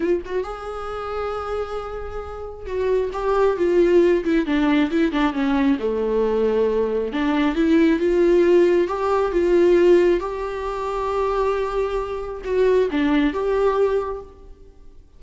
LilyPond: \new Staff \with { instrumentName = "viola" } { \time 4/4 \tempo 4 = 135 f'8 fis'8 gis'2.~ | gis'2 fis'4 g'4 | f'4. e'8 d'4 e'8 d'8 | cis'4 a2. |
d'4 e'4 f'2 | g'4 f'2 g'4~ | g'1 | fis'4 d'4 g'2 | }